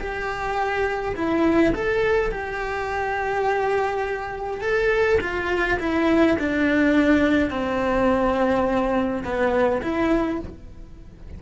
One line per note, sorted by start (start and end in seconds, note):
0.00 1.15 G4
1.16 1.74 E4
1.75 2.32 A4
2.32 4.61 G4
4.61 5.19 A4
5.21 5.78 F4
5.80 6.37 E4
6.39 7.50 D4
7.50 9.23 C4
9.24 9.82 B3
9.82 10.40 E4